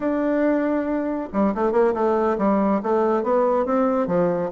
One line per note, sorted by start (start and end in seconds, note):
0.00 1.29 D4
1.32 1.54 G3
1.55 1.72 A3
1.72 1.93 A#3
1.94 2.37 A3
2.38 2.81 G3
2.82 3.23 A3
3.23 3.65 B3
3.65 4.07 C4
4.07 4.50 F3